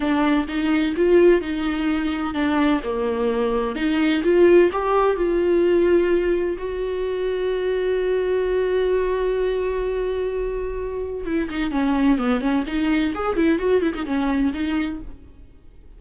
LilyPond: \new Staff \with { instrumentName = "viola" } { \time 4/4 \tempo 4 = 128 d'4 dis'4 f'4 dis'4~ | dis'4 d'4 ais2 | dis'4 f'4 g'4 f'4~ | f'2 fis'2~ |
fis'1~ | fis'1 | e'8 dis'8 cis'4 b8 cis'8 dis'4 | gis'8 e'8 fis'8 e'16 dis'16 cis'4 dis'4 | }